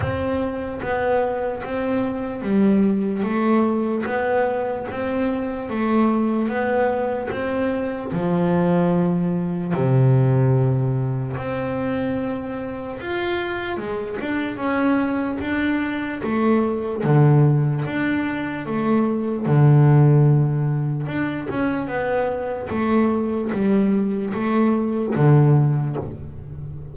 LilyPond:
\new Staff \with { instrumentName = "double bass" } { \time 4/4 \tempo 4 = 74 c'4 b4 c'4 g4 | a4 b4 c'4 a4 | b4 c'4 f2 | c2 c'2 |
f'4 gis8 d'8 cis'4 d'4 | a4 d4 d'4 a4 | d2 d'8 cis'8 b4 | a4 g4 a4 d4 | }